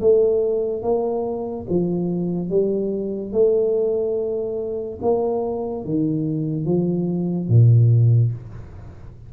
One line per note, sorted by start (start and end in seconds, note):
0.00 0.83 A3
0.83 1.66 A#3
1.69 2.50 F3
2.50 3.33 G3
3.33 4.99 A3
5.02 5.85 A#3
5.85 6.65 D#3
6.65 7.48 F3
7.48 8.32 A#2